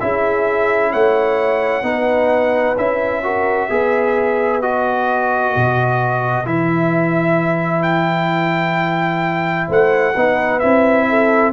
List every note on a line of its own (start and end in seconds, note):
0.00 0.94 C#4
0.00 1.83 E4
0.00 0.92 G#4
0.00 0.92 E5
0.92 1.82 A3
0.92 1.84 C#5
0.92 2.77 F#5
1.82 2.75 B3
1.82 2.75 D#4
1.82 3.23 B4
2.77 3.69 C#4
2.77 3.23 E4
2.77 4.62 E5
3.23 3.69 F#4
3.23 3.68 A#4
3.68 5.55 B3
3.68 4.62 G#4
3.68 9.67 B4
4.62 6.45 F#4
4.62 6.46 D#5
5.56 6.45 B2
6.45 9.68 E3
6.45 10.14 E4
6.45 7.82 E5
7.82 9.67 G5
9.67 10.15 A3
9.67 10.14 C5
9.67 10.60 F#5
10.14 10.62 B3
10.14 10.62 D#4
10.14 11.06 B4
10.60 11.53 C4
10.60 11.53 E4
10.60 11.52 E5
11.09 11.53 A4